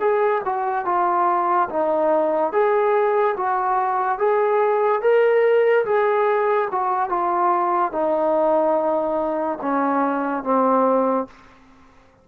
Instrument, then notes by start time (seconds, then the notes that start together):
trombone
0.00 G#4
0.45 F#4
0.86 F4
1.70 D#4
2.53 G#4
3.37 F#4
4.19 G#4
5.02 A#4
5.86 G#4
6.72 F#4
7.09 F4
7.92 D#4
9.62 C#4
10.44 C4